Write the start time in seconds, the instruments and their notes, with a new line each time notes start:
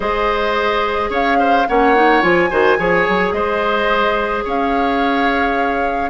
0.00 bassoon G#3, clarinet G#4, oboe C5, flute D#5
1.09 bassoon C#4, oboe C#5, flute F5
1.39 oboe C5
1.67 bassoon A#3, clarinet C#4, oboe C#5, flute F#5
1.95 clarinet D#4
2.21 bassoon F3, clarinet F4, flute G#5
2.50 bassoon D#3, clarinet F#4, oboe C5
2.77 bassoon F3, clarinet G#4, oboe C#5
3.08 bassoon F#3
3.31 bassoon G#3, oboe C5, flute D#5
4.44 bassoon C#4, oboe C#5, flute F5